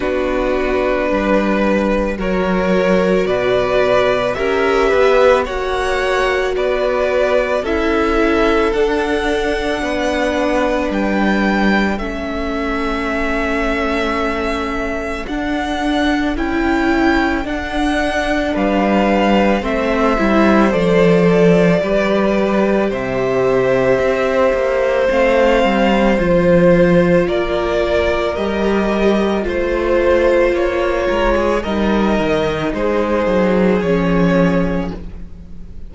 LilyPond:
<<
  \new Staff \with { instrumentName = "violin" } { \time 4/4 \tempo 4 = 55 b'2 cis''4 d''4 | e''4 fis''4 d''4 e''4 | fis''2 g''4 e''4~ | e''2 fis''4 g''4 |
fis''4 f''4 e''4 d''4~ | d''4 e''2 f''4 | c''4 d''4 dis''4 c''4 | cis''4 dis''4 c''4 cis''4 | }
  \new Staff \with { instrumentName = "violin" } { \time 4/4 fis'4 b'4 ais'4 b'4 | ais'8 b'8 cis''4 b'4 a'4~ | a'4 b'2 a'4~ | a'1~ |
a'4 b'4 c''2 | b'4 c''2.~ | c''4 ais'2 c''4~ | c''8 ais'16 gis'16 ais'4 gis'2 | }
  \new Staff \with { instrumentName = "viola" } { \time 4/4 d'2 fis'2 | g'4 fis'2 e'4 | d'2. cis'4~ | cis'2 d'4 e'4 |
d'2 c'8 e'8 a'4 | g'2. c'4 | f'2 g'4 f'4~ | f'4 dis'2 cis'4 | }
  \new Staff \with { instrumentName = "cello" } { \time 4/4 b4 g4 fis4 b,4 | cis'8 b8 ais4 b4 cis'4 | d'4 b4 g4 a4~ | a2 d'4 cis'4 |
d'4 g4 a8 g8 f4 | g4 c4 c'8 ais8 a8 g8 | f4 ais4 g4 a4 | ais8 gis8 g8 dis8 gis8 fis8 f4 | }
>>